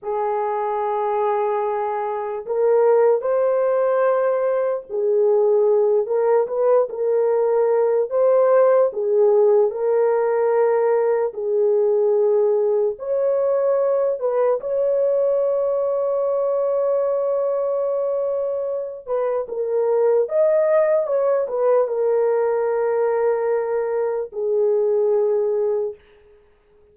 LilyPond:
\new Staff \with { instrumentName = "horn" } { \time 4/4 \tempo 4 = 74 gis'2. ais'4 | c''2 gis'4. ais'8 | b'8 ais'4. c''4 gis'4 | ais'2 gis'2 |
cis''4. b'8 cis''2~ | cis''2.~ cis''8 b'8 | ais'4 dis''4 cis''8 b'8 ais'4~ | ais'2 gis'2 | }